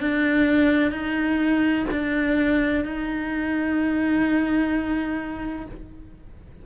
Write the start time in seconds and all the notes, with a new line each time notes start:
0.00 D4
0.92 D#4
1.91 D4
2.85 D#4